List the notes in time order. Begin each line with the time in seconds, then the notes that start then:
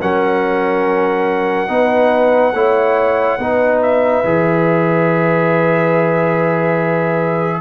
0.00 F#3 C#4 A#4 F#5
1.68 B3 D#4 B4
2.53 A3 E4 C#5
3.38 B3 D#4 B4
3.82 E5
4.24 E3 G#4